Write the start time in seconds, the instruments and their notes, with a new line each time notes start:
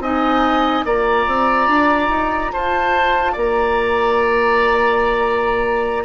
0.00 bassoon C4, clarinet D#4, oboe D#5, flute G#5
0.85 bassoon A#3, clarinet F4, oboe D5, flute A#5
1.27 bassoon C4
1.68 bassoon D4
2.09 bassoon D#4
2.52 bassoon F4, oboe C5, flute A5
3.33 bassoon A#3, oboe D5, flute A#5